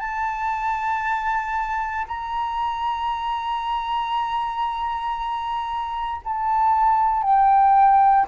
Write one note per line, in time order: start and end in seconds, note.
0.00 2.07 A5
2.08 6.22 A#5
6.25 7.23 A5
7.23 8.27 G5